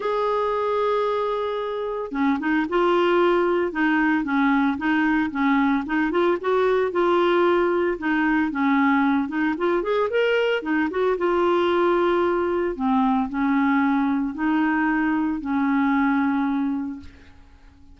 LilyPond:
\new Staff \with { instrumentName = "clarinet" } { \time 4/4 \tempo 4 = 113 gis'1 | cis'8 dis'8 f'2 dis'4 | cis'4 dis'4 cis'4 dis'8 f'8 | fis'4 f'2 dis'4 |
cis'4. dis'8 f'8 gis'8 ais'4 | dis'8 fis'8 f'2. | c'4 cis'2 dis'4~ | dis'4 cis'2. | }